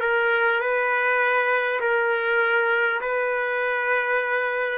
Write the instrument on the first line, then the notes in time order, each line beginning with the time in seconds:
trumpet
0.00 A#4
0.60 B4
1.80 A#4
3.00 B4